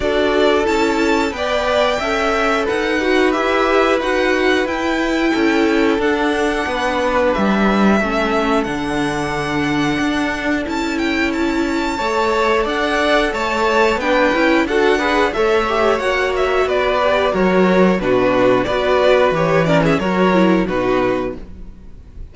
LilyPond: <<
  \new Staff \with { instrumentName = "violin" } { \time 4/4 \tempo 4 = 90 d''4 a''4 g''2 | fis''4 e''4 fis''4 g''4~ | g''4 fis''2 e''4~ | e''4 fis''2. |
a''8 g''8 a''2 fis''4 | a''4 g''4 fis''4 e''4 | fis''8 e''8 d''4 cis''4 b'4 | d''4 cis''8 d''16 e''16 cis''4 b'4 | }
  \new Staff \with { instrumentName = "violin" } { \time 4/4 a'2 d''4 e''4 | b'1 | a'2 b'2 | a'1~ |
a'2 cis''4 d''4 | cis''4 b'4 a'8 b'8 cis''4~ | cis''4 b'4 ais'4 fis'4 | b'4. ais'16 gis'16 ais'4 fis'4 | }
  \new Staff \with { instrumentName = "viola" } { \time 4/4 fis'4 e'4 b'4 a'4~ | a'8 fis'8 g'4 fis'4 e'4~ | e'4 d'2. | cis'4 d'2. |
e'2 a'2~ | a'4 d'8 e'8 fis'8 gis'8 a'8 g'8 | fis'4. g'8 fis'4 d'4 | fis'4 g'8 cis'8 fis'8 e'8 dis'4 | }
  \new Staff \with { instrumentName = "cello" } { \time 4/4 d'4 cis'4 b4 cis'4 | dis'4 e'4 dis'4 e'4 | cis'4 d'4 b4 g4 | a4 d2 d'4 |
cis'2 a4 d'4 | a4 b8 cis'8 d'4 a4 | ais4 b4 fis4 b,4 | b4 e4 fis4 b,4 | }
>>